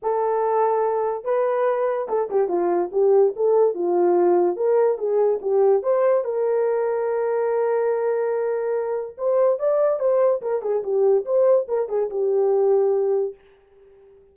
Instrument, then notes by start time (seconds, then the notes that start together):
horn
0.02 A4
1.24 B4
2.08 A4
2.30 G4
2.48 F4
2.92 G4
3.36 A4
3.74 F4
4.56 A#4
4.98 G#4
5.41 G4
5.82 C5
6.24 A#4
9.17 C5
9.59 D5
9.99 C5
10.41 A#4
10.62 G#4
10.83 G4
11.25 C5
11.68 A#4
11.88 G#4
12.09 G4